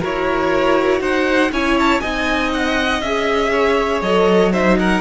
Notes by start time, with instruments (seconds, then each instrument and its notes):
0.00 cello E4, viola F#4, violin A#4 C#5
1.01 cello D#4, violin C5 F#5
1.51 cello C#4, viola E4, violin C#5 G#5
1.80 violin A5
2.01 cello C4, viola D#4, violin D#5 G#5
2.54 violin F#5
3.02 cello C#4, viola G#4, violin E5
3.53 violin C#5
4.02 cello F#3, viola A4, violin D#5
4.53 viola D#4, violin C5 E5
4.80 violin A#4 F#5